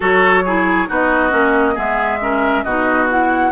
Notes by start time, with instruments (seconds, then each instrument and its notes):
0.00 bassoon F#3, clarinet F#4, oboe A4, flute C#5
0.44 clarinet E4, oboe G#4
0.87 bassoon B3, clarinet D#4, oboe F#4, flute D#5
1.29 bassoon A#3, clarinet C#4
1.74 bassoon G#3, clarinet B3, oboe G#4, flute E5
2.20 clarinet C#4, oboe A#4
2.63 bassoon B2, clarinet D#4, oboe F#4, flute D#5
3.09 clarinet E4, flute F#5